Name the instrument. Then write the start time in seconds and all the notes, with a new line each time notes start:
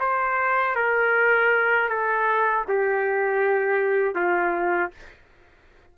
trumpet
0.00 C5
0.76 A#4
1.90 A4
2.68 G4
4.15 F4